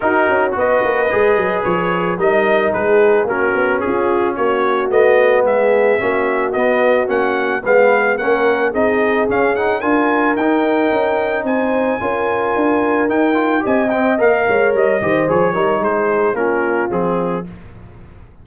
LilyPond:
<<
  \new Staff \with { instrumentName = "trumpet" } { \time 4/4 \tempo 4 = 110 ais'4 dis''2 cis''4 | dis''4 b'4 ais'4 gis'4 | cis''4 dis''4 e''2 | dis''4 fis''4 f''4 fis''4 |
dis''4 f''8 fis''8 gis''4 g''4~ | g''4 gis''2. | g''4 gis''8 g''8 f''4 dis''4 | cis''4 c''4 ais'4 gis'4 | }
  \new Staff \with { instrumentName = "horn" } { \time 4/4 fis'4 b'2. | ais'4 gis'4 fis'4 f'4 | fis'2 gis'4 fis'4~ | fis'2 b'4 ais'4 |
gis'2 ais'2~ | ais'4 c''4 ais'2~ | ais'4 dis''4. cis''4 c''8~ | c''8 ais'8 gis'4 f'2 | }
  \new Staff \with { instrumentName = "trombone" } { \time 4/4 dis'4 fis'4 gis'2 | dis'2 cis'2~ | cis'4 b2 cis'4 | b4 cis'4 b4 cis'4 |
dis'4 cis'8 dis'8 f'4 dis'4~ | dis'2 f'2 | dis'8 f'8 g'8 c'8 ais'4. g'8 | gis'8 dis'4. cis'4 c'4 | }
  \new Staff \with { instrumentName = "tuba" } { \time 4/4 dis'8 cis'8 b8 ais8 gis8 fis8 f4 | g4 gis4 ais8 b8 cis'4 | ais4 a4 gis4 ais4 | b4 ais4 gis4 ais4 |
c'4 cis'4 d'4 dis'4 | cis'4 c'4 cis'4 d'4 | dis'4 c'4 ais8 gis8 g8 dis8 | f8 g8 gis4 ais4 f4 | }
>>